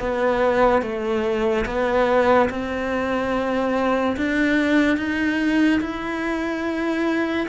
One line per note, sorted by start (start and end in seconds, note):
0.00 0.83 B3
0.83 1.66 A3
1.66 2.50 B3
2.50 4.17 C4
4.17 4.98 D4
4.98 5.81 D#4
5.81 7.48 E4